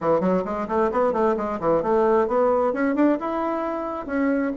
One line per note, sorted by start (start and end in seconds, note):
0.01 0.20 E3
0.20 0.43 F#3
0.44 0.67 G#3
0.68 0.90 A3
0.91 1.13 B3
1.13 1.35 A3
1.36 1.59 G#3
1.60 1.82 E3
1.82 2.27 A3
2.27 2.73 B3
2.73 2.95 C#4
2.95 3.18 D4
3.19 4.06 E4
4.06 4.52 C#4